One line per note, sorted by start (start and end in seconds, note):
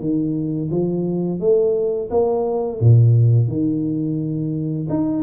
0.00 0.70 D#3
0.70 1.40 F3
1.40 2.10 A3
2.10 2.80 A#3
2.80 3.48 A#2
3.48 4.87 D#3
4.90 5.23 D#4